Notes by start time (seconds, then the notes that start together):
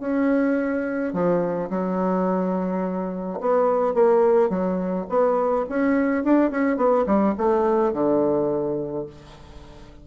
0.00 C#4
1.13 F3
1.70 F#3
3.40 B3
3.94 A#3
4.49 F#3
5.09 B3
5.69 C#4
6.24 D4
6.51 C#4
6.77 B3
7.06 G3
7.38 A3
7.93 D3